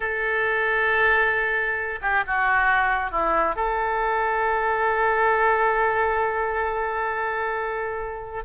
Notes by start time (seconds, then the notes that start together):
0.00 A4
2.01 G4
2.26 F#4
3.11 E4
3.55 A4